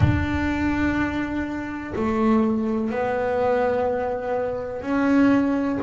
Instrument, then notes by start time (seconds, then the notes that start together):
double bass
0.00 D4
1.95 A3
2.90 B3
4.81 C#4